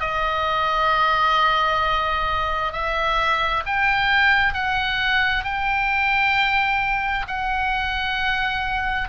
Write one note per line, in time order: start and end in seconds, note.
0.00 2.73 D#5
2.73 3.64 E5
3.66 4.54 G5
4.54 5.44 F#5
5.44 7.26 G5
7.28 9.09 F#5